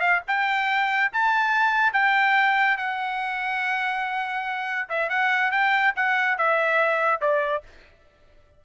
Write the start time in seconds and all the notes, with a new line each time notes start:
0.00 F5
0.27 G5
1.13 A5
1.93 G5
2.77 F#5
4.89 E5
5.09 F#5
5.51 G5
5.95 F#5
6.37 E5
7.21 D5